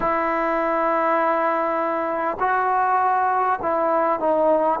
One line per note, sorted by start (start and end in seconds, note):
0.00 2.37 E4
2.39 3.59 F#4
3.62 4.19 E4
4.19 4.79 D#4